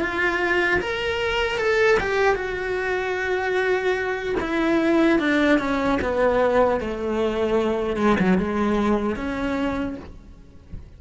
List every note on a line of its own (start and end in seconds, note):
0.00 0.80 F4
0.80 1.58 A#4
1.58 1.98 A4
2.00 2.35 G4
2.35 4.35 F#4
4.40 5.19 E4
5.19 5.59 D4
5.59 5.99 C#4
6.01 6.80 B3
6.80 7.96 A3
7.96 8.16 G#3
8.19 8.38 F#3
8.38 9.16 G#3
9.16 9.96 C#4